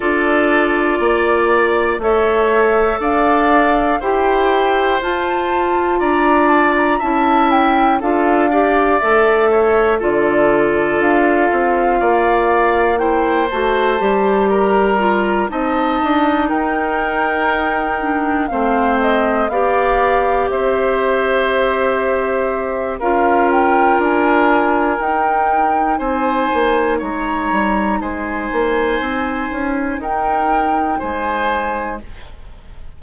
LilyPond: <<
  \new Staff \with { instrumentName = "flute" } { \time 4/4 \tempo 4 = 60 d''2 e''4 f''4 | g''4 a''4 ais''8 a''16 ais''16 a''8 g''8 | f''4 e''4 d''4 f''4~ | f''4 g''8 a''4 ais''4 a''8~ |
a''8 g''2 f''8 dis''8 f''8~ | f''8 e''2~ e''8 f''8 g''8 | gis''4 g''4 gis''4 ais''4 | gis''2 g''4 gis''4 | }
  \new Staff \with { instrumentName = "oboe" } { \time 4/4 a'4 d''4 cis''4 d''4 | c''2 d''4 e''4 | a'8 d''4 cis''8 a'2 | d''4 c''4. ais'4 dis''8~ |
dis''8 ais'2 c''4 d''8~ | d''8 c''2~ c''8 ais'4~ | ais'2 c''4 cis''4 | c''2 ais'4 c''4 | }
  \new Staff \with { instrumentName = "clarinet" } { \time 4/4 f'2 a'2 | g'4 f'2 e'4 | f'8 g'8 a'4 f'2~ | f'4 e'8 fis'8 g'4 f'8 dis'8~ |
dis'2 d'8 c'4 g'8~ | g'2. f'4~ | f'4 dis'2.~ | dis'1 | }
  \new Staff \with { instrumentName = "bassoon" } { \time 4/4 d'4 ais4 a4 d'4 | e'4 f'4 d'4 cis'4 | d'4 a4 d4 d'8 c'8 | ais4. a8 g4. c'8 |
d'8 dis'2 a4 b8~ | b8 c'2~ c'8 cis'4 | d'4 dis'4 c'8 ais8 gis8 g8 | gis8 ais8 c'8 cis'8 dis'4 gis4 | }
>>